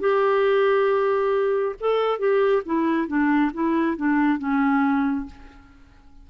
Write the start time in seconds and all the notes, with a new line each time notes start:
0.00 G4
1.80 A4
2.19 G4
2.65 E4
3.08 D4
3.54 E4
3.97 D4
4.38 C#4